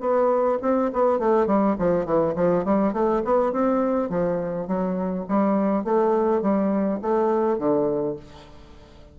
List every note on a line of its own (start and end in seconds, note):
0.00 0.58 B3
0.62 0.91 C4
0.93 1.19 B3
1.19 1.47 A3
1.47 1.76 G3
1.79 2.05 F3
2.05 2.34 E3
2.35 2.64 F3
2.65 2.93 G3
2.93 3.22 A3
3.25 3.52 B3
3.52 4.10 C4
4.10 4.68 F3
4.68 5.26 F#3
5.28 5.84 G3
5.84 6.42 A3
6.42 7.00 G3
7.02 7.58 A3
7.58 8.16 D3